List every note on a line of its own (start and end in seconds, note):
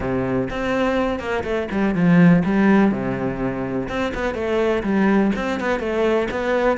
0.00 0.48 C3
0.50 1.19 C4
1.19 1.43 A#3
1.43 1.68 A3
1.71 1.94 G3
1.94 2.43 F3
2.44 2.91 G3
2.91 3.88 C3
3.88 4.13 C4
4.14 4.34 B3
4.34 4.83 A3
4.83 5.31 G3
5.35 5.60 C4
5.60 5.79 B3
5.79 6.27 A3
6.30 6.77 B3